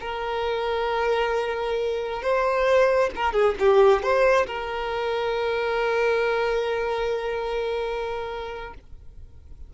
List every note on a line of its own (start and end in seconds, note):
0.00 2.22 A#4
2.22 3.10 C5
3.15 3.33 A#4
3.33 3.55 G#4
3.59 4.02 G4
4.02 4.46 C5
4.47 8.74 A#4